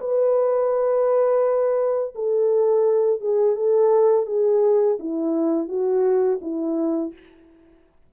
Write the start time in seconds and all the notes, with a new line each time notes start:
0.00 B4
2.15 A4
3.21 G#4
3.56 A4
4.27 G#4
5.00 E4
5.68 F#4
6.42 E4